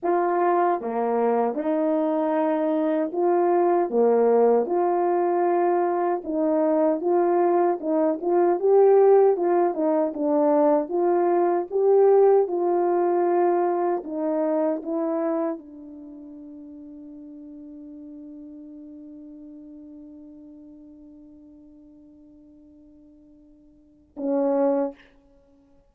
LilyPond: \new Staff \with { instrumentName = "horn" } { \time 4/4 \tempo 4 = 77 f'4 ais4 dis'2 | f'4 ais4 f'2 | dis'4 f'4 dis'8 f'8 g'4 | f'8 dis'8 d'4 f'4 g'4 |
f'2 dis'4 e'4 | d'1~ | d'1~ | d'2. cis'4 | }